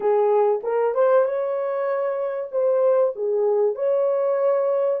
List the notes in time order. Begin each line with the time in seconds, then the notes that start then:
0.00 G#4
0.63 A#4
0.94 C5
1.25 C#5
2.51 C5
3.15 G#4
3.75 C#5